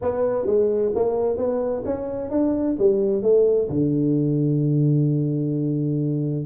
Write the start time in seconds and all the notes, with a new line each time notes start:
0.01 B3
0.46 G#3
0.95 A#3
1.37 B3
1.85 C#4
2.30 D4
2.78 G3
3.22 A3
3.69 D3